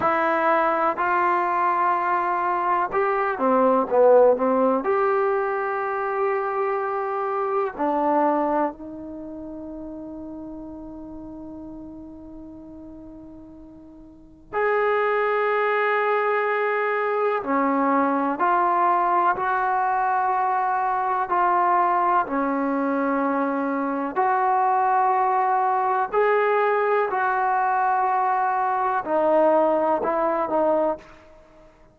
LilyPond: \new Staff \with { instrumentName = "trombone" } { \time 4/4 \tempo 4 = 62 e'4 f'2 g'8 c'8 | b8 c'8 g'2. | d'4 dis'2.~ | dis'2. gis'4~ |
gis'2 cis'4 f'4 | fis'2 f'4 cis'4~ | cis'4 fis'2 gis'4 | fis'2 dis'4 e'8 dis'8 | }